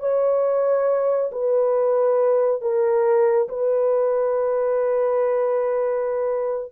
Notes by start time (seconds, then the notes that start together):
0.00 C#5
1.32 B4
2.61 A#4
3.49 B4